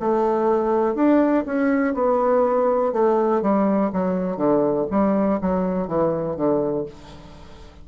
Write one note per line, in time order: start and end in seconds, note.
0.00 0.95 A3
0.95 1.44 D4
1.46 1.94 C#4
1.94 2.93 B3
2.93 3.42 A3
3.42 3.91 G3
3.93 4.37 F#3
4.37 4.86 D3
4.91 5.40 G3
5.41 5.88 F#3
5.88 6.37 E3
6.37 6.86 D3